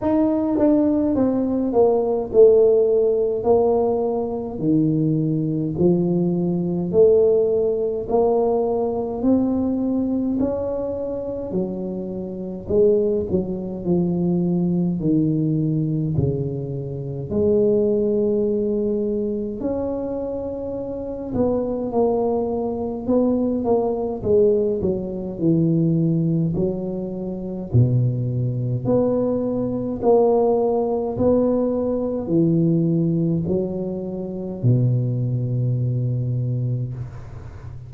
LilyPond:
\new Staff \with { instrumentName = "tuba" } { \time 4/4 \tempo 4 = 52 dis'8 d'8 c'8 ais8 a4 ais4 | dis4 f4 a4 ais4 | c'4 cis'4 fis4 gis8 fis8 | f4 dis4 cis4 gis4~ |
gis4 cis'4. b8 ais4 | b8 ais8 gis8 fis8 e4 fis4 | b,4 b4 ais4 b4 | e4 fis4 b,2 | }